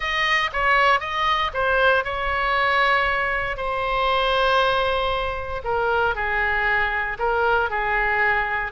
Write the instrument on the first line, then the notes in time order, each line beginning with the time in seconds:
oboe
0.00 D#5
0.52 C#5
1.00 D#5
1.53 C5
2.04 C#5
3.56 C5
5.64 A#4
6.15 G#4
7.18 A#4
7.70 G#4